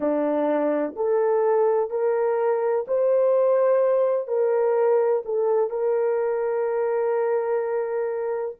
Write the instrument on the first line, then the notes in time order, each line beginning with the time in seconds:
horn
0.00 D4
0.95 A4
1.90 A#4
2.87 C5
4.27 A#4
5.25 A4
5.69 A#4